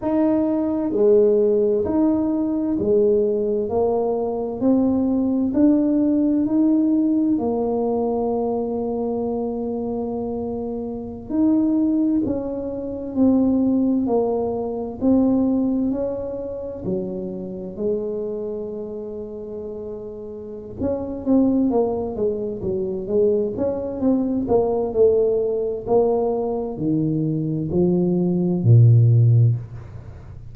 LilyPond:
\new Staff \with { instrumentName = "tuba" } { \time 4/4 \tempo 4 = 65 dis'4 gis4 dis'4 gis4 | ais4 c'4 d'4 dis'4 | ais1~ | ais16 dis'4 cis'4 c'4 ais8.~ |
ais16 c'4 cis'4 fis4 gis8.~ | gis2~ gis8 cis'8 c'8 ais8 | gis8 fis8 gis8 cis'8 c'8 ais8 a4 | ais4 dis4 f4 ais,4 | }